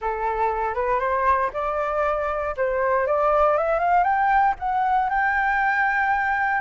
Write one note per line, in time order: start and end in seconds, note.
0.01 0.74 A4
0.74 0.99 B4
0.99 1.50 C5
1.53 2.55 D5
2.57 3.06 C5
3.06 3.57 D5
3.57 3.79 E5
3.79 4.03 F5
4.03 4.54 G5
4.59 5.09 F#5
5.09 6.61 G5